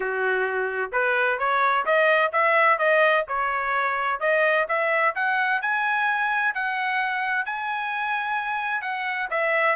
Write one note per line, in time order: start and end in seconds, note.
0.00 0.91 F#4
0.92 1.38 B4
1.38 1.85 C#5
1.85 2.32 D#5
2.32 2.78 E5
2.78 3.25 D#5
3.27 4.20 C#5
4.20 4.66 D#5
4.68 5.14 E5
5.15 5.61 F#5
5.61 6.54 G#5
6.54 7.45 F#5
7.45 8.81 G#5
8.81 9.28 F#5
9.30 9.76 E5